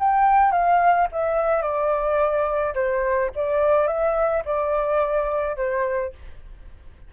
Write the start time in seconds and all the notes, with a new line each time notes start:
0.00 G5
0.52 F5
1.13 E5
1.62 D5
2.75 C5
3.36 D5
3.88 E5
4.46 D5
5.57 C5